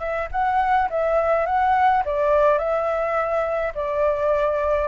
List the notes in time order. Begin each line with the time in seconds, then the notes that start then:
0.00 E5
0.32 F#5
0.90 E5
1.46 F#5
2.06 D5
2.59 E5
3.75 D5